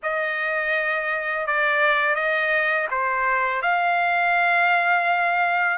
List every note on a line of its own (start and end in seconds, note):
0.02 1.46 D#5
1.46 2.15 D5
2.15 2.87 D#5
2.90 3.61 C5
3.61 5.77 F5